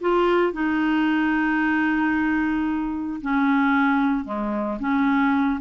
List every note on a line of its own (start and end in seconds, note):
0.00 0.52 F4
0.52 3.20 D#4
3.21 4.24 C#4
4.24 4.78 G#3
4.79 5.60 C#4